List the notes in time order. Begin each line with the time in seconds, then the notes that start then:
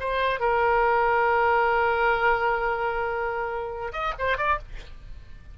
0.00 C5
0.40 A#4
3.92 D#5
4.19 C5
4.37 D5